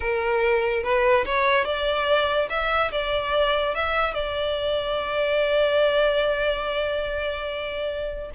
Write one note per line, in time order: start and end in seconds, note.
0.00 0.83 A#4
0.83 1.24 B4
1.25 1.65 C#5
1.65 2.48 D5
2.49 2.91 E5
2.91 3.74 D5
3.75 4.14 E5
4.14 8.30 D5